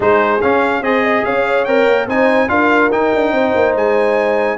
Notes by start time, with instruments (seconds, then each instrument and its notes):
0.00 tuba G#3, trombone D#4, horn G#4, trumpet C5
0.41 trombone C#4, tuba C#4, trumpet F5
0.81 tuba C4, trombone G#4, horn C5, trumpet D#5
1.03 horn D#5
1.24 tuba C#4, horn C#5, trumpet F5
1.65 tuba C4, trombone A#4, trumpet G5
1.87 tuba A#3
2.06 tuba C4, trombone D#4, horn C5, trumpet G#5
2.48 tuba D4, trombone F4, horn A#4, trumpet F5
2.91 trombone D#4, tuba D#4, trumpet G5
3.14 tuba D4
3.31 tuba C4, horn C5
3.55 tuba A#3
3.75 tuba G#3, trumpet G#5